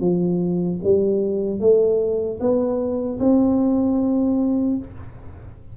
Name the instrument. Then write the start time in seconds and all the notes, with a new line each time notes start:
tuba
0.00 F3
0.83 G3
1.60 A3
2.40 B3
3.19 C4